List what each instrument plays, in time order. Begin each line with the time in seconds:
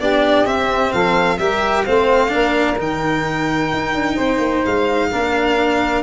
0.00 tuba B3, cello D4, saxophone G4, violin D5
0.45 tuba C4, cello C4, violin E5
0.92 tuba F3, saxophone A4, violin F5
1.38 tuba G3, cello G4, saxophone A#4, violin E5
1.85 tuba A3, cello C4, saxophone C5, violin F5
2.29 tuba A#3, cello D4, saxophone A#4
2.79 tuba D#3, cello D#4, violin G5
3.73 tuba D#4
3.94 tuba D4
4.16 tuba C4, saxophone C5
4.38 tuba A#3
4.65 tuba G#3, violin F5
5.11 tuba A#3, cello D4, saxophone A#4